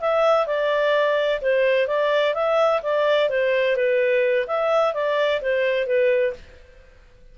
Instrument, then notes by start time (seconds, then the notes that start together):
clarinet
0.00 E5
0.46 D5
1.41 C5
1.87 D5
2.34 E5
2.82 D5
3.29 C5
3.76 B4
4.47 E5
4.93 D5
5.41 C5
5.86 B4